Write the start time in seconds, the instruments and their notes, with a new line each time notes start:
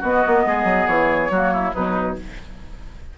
0.00 bassoon B3, clarinet B3, oboe F#4, flute D#5
0.27 bassoon A#3
0.46 bassoon G#3, oboe G#4
0.64 bassoon F#3
0.88 bassoon E3, flute C#5
1.30 bassoon F#3, clarinet A#3, oboe F#4
1.54 oboe E4
1.74 bassoon B2, clarinet F#3, oboe D#4, flute B4